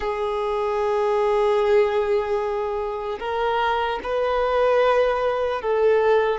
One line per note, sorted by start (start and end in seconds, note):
0.00 3.19 G#4
3.19 3.99 A#4
4.03 5.61 B4
5.61 6.39 A4